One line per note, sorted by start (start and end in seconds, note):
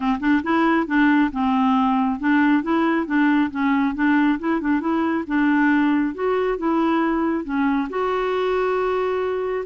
0.00 0.19 C4
0.20 0.42 D4
0.43 0.86 E4
0.86 1.30 D4
1.32 2.19 C4
2.19 2.63 D4
2.63 3.06 E4
3.06 3.50 D4
3.51 3.94 C#4
3.95 4.38 D4
4.39 4.60 E4
4.60 4.80 D4
4.80 5.24 E4
5.27 6.14 D4
6.14 6.58 F#4
6.58 7.44 E4
7.44 7.88 C#4
7.89 9.64 F#4